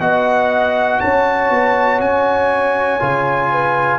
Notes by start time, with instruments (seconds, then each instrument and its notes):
0.00 tuba B3, trombone F#4, horn D#5, trumpet F#5
1.00 tuba C#4, horn C#5, trumpet A5
1.50 tuba B3
2.00 tuba C#4, trumpet G#5
3.00 tuba C#3, trombone F4
3.52 horn B4